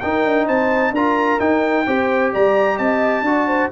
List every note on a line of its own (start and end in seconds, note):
0.00 0.25 D#4
0.00 0.95 D#4
0.00 0.46 A#4
0.00 0.46 G5
0.25 0.48 D4
0.46 0.92 C4
0.46 0.92 C5
0.46 0.94 A5
0.92 1.38 D4
0.92 1.40 F4
0.92 1.86 A#4
0.92 1.40 A#5
1.40 1.86 D#4
1.40 2.32 G5
1.86 2.33 C4
1.86 3.25 G4
1.86 2.33 C5
2.33 2.79 G3
2.33 2.77 D5
2.33 2.78 A#5
2.77 3.22 C4
2.77 3.23 D#5
2.77 3.70 A5
3.22 3.68 D4
3.22 3.71 F#4
3.22 3.47 D5
3.47 3.70 C5